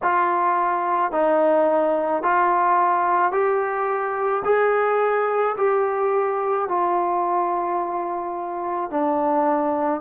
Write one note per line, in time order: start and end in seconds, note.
0.02 1.11 F4
1.11 2.22 D#4
2.22 3.31 F4
3.31 4.42 G4
4.44 5.56 G#4
5.57 6.68 G4
6.68 8.90 F4
8.90 10.01 D4